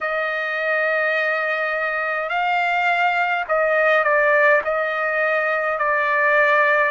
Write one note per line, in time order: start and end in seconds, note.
0.01 2.29 D#5
2.29 3.44 F5
3.48 4.04 D#5
4.04 4.62 D5
4.64 5.78 D#5
5.78 6.91 D5